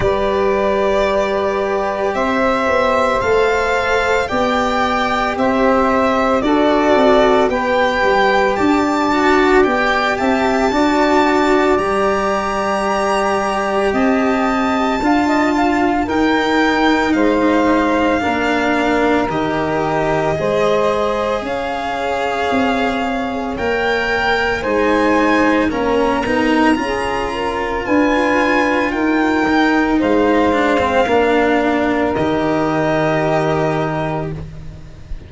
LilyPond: <<
  \new Staff \with { instrumentName = "violin" } { \time 4/4 \tempo 4 = 56 d''2 e''4 f''4 | g''4 e''4 d''4 g''4 | a''4 g''8 a''4. ais''4~ | ais''4 a''2 g''4 |
f''2 dis''2 | f''2 g''4 gis''4 | ais''2 gis''4 g''4 | f''2 dis''2 | }
  \new Staff \with { instrumentName = "saxophone" } { \time 4/4 b'2 c''2 | d''4 c''4 a'4 b'4 | d''4. e''8 d''2~ | d''4 dis''4 f''16 dis''16 f''8 ais'4 |
c''4 ais'2 c''4 | cis''2. c''4 | ais'4 gis'8 ais'8 b'4 ais'4 | c''4 ais'2. | }
  \new Staff \with { instrumentName = "cello" } { \time 4/4 g'2. a'4 | g'2 fis'4 g'4~ | g'8 fis'8 g'4 fis'4 g'4~ | g'2 f'4 dis'4~ |
dis'4 d'4 g'4 gis'4~ | gis'2 ais'4 dis'4 | cis'8 dis'8 f'2~ f'8 dis'8~ | dis'8 d'16 c'16 d'4 g'2 | }
  \new Staff \with { instrumentName = "tuba" } { \time 4/4 g2 c'8 b8 a4 | b4 c'4 d'8 c'8 b8 g8 | d'4 b8 c'8 d'4 g4~ | g4 c'4 d'4 dis'4 |
gis4 ais4 dis4 gis4 | cis'4 c'4 ais4 gis4 | ais8 b8 cis'4 d'4 dis'4 | gis4 ais4 dis2 | }
>>